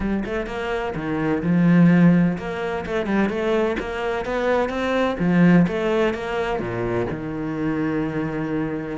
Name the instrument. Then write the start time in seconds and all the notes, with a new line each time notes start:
cello
0.00 G3
0.25 A3
0.46 A#3
0.95 D#3
1.43 F3
2.38 A#3
2.85 A3
3.06 G3
3.29 A3
3.79 A#3
4.25 B3
4.69 C4
5.19 F3
5.67 A3
6.14 A#3
6.59 A#2
7.10 D#3